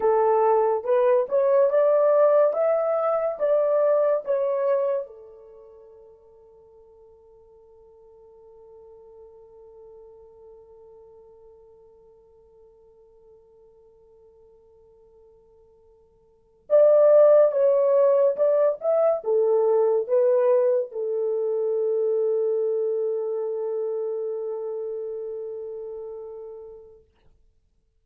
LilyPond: \new Staff \with { instrumentName = "horn" } { \time 4/4 \tempo 4 = 71 a'4 b'8 cis''8 d''4 e''4 | d''4 cis''4 a'2~ | a'1~ | a'1~ |
a'2.~ a'8. d''16~ | d''8. cis''4 d''8 e''8 a'4 b'16~ | b'8. a'2.~ a'16~ | a'1 | }